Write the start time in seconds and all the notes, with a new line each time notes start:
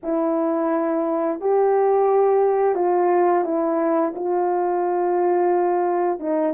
0.03 E4
1.40 G4
2.75 F4
3.44 E4
4.15 F4
6.19 D#4